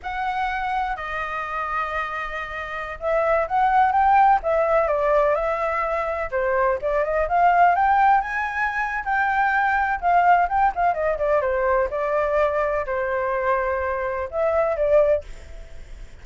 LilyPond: \new Staff \with { instrumentName = "flute" } { \time 4/4 \tempo 4 = 126 fis''2 dis''2~ | dis''2~ dis''16 e''4 fis''8.~ | fis''16 g''4 e''4 d''4 e''8.~ | e''4~ e''16 c''4 d''8 dis''8 f''8.~ |
f''16 g''4 gis''4.~ gis''16 g''4~ | g''4 f''4 g''8 f''8 dis''8 d''8 | c''4 d''2 c''4~ | c''2 e''4 d''4 | }